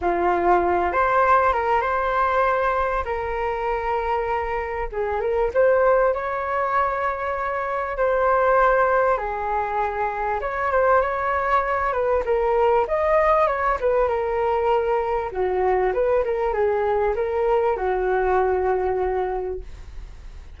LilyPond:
\new Staff \with { instrumentName = "flute" } { \time 4/4 \tempo 4 = 98 f'4. c''4 ais'8 c''4~ | c''4 ais'2. | gis'8 ais'8 c''4 cis''2~ | cis''4 c''2 gis'4~ |
gis'4 cis''8 c''8 cis''4. b'8 | ais'4 dis''4 cis''8 b'8 ais'4~ | ais'4 fis'4 b'8 ais'8 gis'4 | ais'4 fis'2. | }